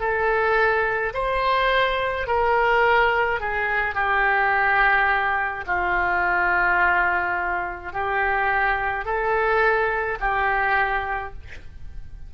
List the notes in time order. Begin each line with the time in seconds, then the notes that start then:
0.00 A4
1.14 C5
2.27 A#4
3.40 G#4
3.95 G4
5.67 F4
7.92 G4
9.05 A4
10.20 G4